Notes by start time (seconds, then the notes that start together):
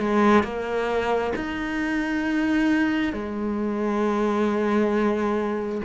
0.00 G#3
0.44 A#3
1.36 D#4
3.13 G#3